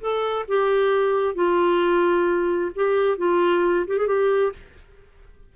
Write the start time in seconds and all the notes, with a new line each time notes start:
0.00 A4
0.48 G4
1.35 F4
2.75 G4
3.17 F4
3.87 G4
3.98 G#4
4.07 G4